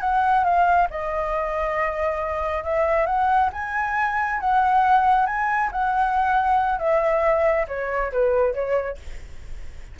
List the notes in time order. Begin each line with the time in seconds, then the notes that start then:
0.00 F#5
0.44 F5
0.90 D#5
2.64 E5
3.06 F#5
3.52 G#5
4.40 F#5
5.26 G#5
5.71 F#5
6.78 E5
7.68 C#5
8.12 B4
8.53 C#5